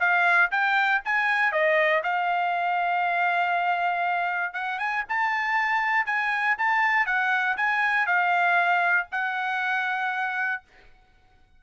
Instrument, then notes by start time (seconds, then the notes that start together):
trumpet
0.00 F5
0.51 G5
1.05 G#5
1.52 D#5
2.03 F5
4.53 F#5
4.79 G#5
5.09 A5
6.06 G#5
6.58 A5
7.06 F#5
7.57 G#5
8.06 F5
9.11 F#5